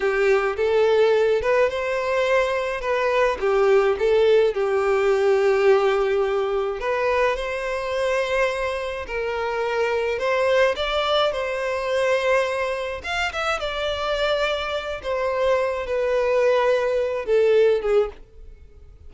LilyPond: \new Staff \with { instrumentName = "violin" } { \time 4/4 \tempo 4 = 106 g'4 a'4. b'8 c''4~ | c''4 b'4 g'4 a'4 | g'1 | b'4 c''2. |
ais'2 c''4 d''4 | c''2. f''8 e''8 | d''2~ d''8 c''4. | b'2~ b'8 a'4 gis'8 | }